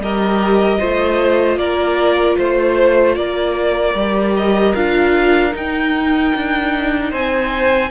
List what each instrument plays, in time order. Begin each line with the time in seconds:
0.00 cello G3, viola G4, violin A#4 D#5
0.80 cello A3, viola F4, violin C5
1.57 cello A#3, violin A#4 D5
2.38 cello A3, violin C5
3.16 cello A#3, violin A#4 D5
3.95 cello G3, viola G4
4.37 violin D#5
4.75 cello D4, viola F4, violin F5
5.52 viola D#4, cello D#4, violin G5
6.35 cello D4
7.11 cello C4, violin C5 G#5